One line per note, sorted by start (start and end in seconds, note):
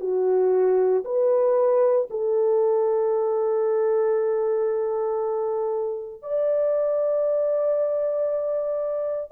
0.00 1.03 F#4
1.04 2.08 B4
2.10 6.22 A4
6.22 9.32 D5